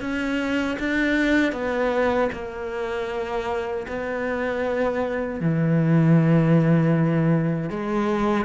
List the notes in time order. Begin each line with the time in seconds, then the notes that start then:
0.00 C#4
0.79 D4
1.52 B3
2.32 A#3
3.87 B3
5.40 E3
7.70 G#3